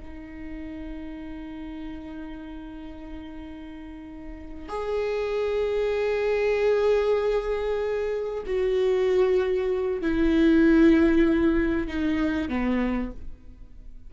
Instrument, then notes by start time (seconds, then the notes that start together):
viola
0.00 D#4
4.69 G#4
8.46 F#4
10.02 E4
11.88 D#4
12.49 B3